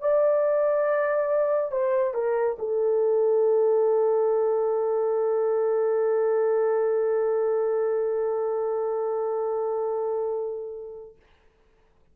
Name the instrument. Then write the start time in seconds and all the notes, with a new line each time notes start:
horn
0.00 D5
1.71 C5
2.14 A#4
2.59 A4